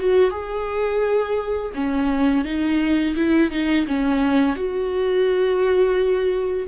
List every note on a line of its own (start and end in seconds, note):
0.00 0.31 F#4
0.31 1.72 G#4
1.75 2.45 C#4
2.45 3.15 D#4
3.16 3.51 E4
3.51 3.87 D#4
3.87 4.56 C#4
4.56 6.68 F#4